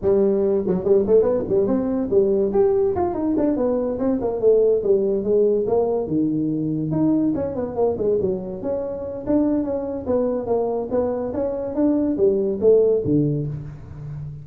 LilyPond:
\new Staff \with { instrumentName = "tuba" } { \time 4/4 \tempo 4 = 143 g4. fis8 g8 a8 b8 g8 | c'4 g4 g'4 f'8 dis'8 | d'8 b4 c'8 ais8 a4 g8~ | g8 gis4 ais4 dis4.~ |
dis8 dis'4 cis'8 b8 ais8 gis8 fis8~ | fis8 cis'4. d'4 cis'4 | b4 ais4 b4 cis'4 | d'4 g4 a4 d4 | }